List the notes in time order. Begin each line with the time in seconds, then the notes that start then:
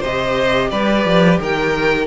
0.00 C3 G4 C5 D#5
0.70 G3 B4 D5
1.05 F3
1.40 D#3 A#4 G5